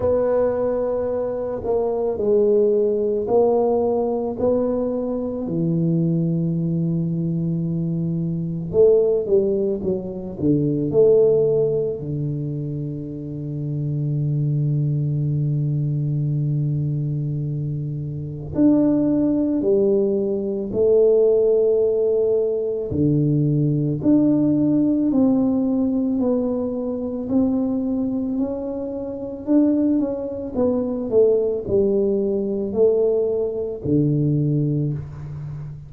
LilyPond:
\new Staff \with { instrumentName = "tuba" } { \time 4/4 \tempo 4 = 55 b4. ais8 gis4 ais4 | b4 e2. | a8 g8 fis8 d8 a4 d4~ | d1~ |
d4 d'4 g4 a4~ | a4 d4 d'4 c'4 | b4 c'4 cis'4 d'8 cis'8 | b8 a8 g4 a4 d4 | }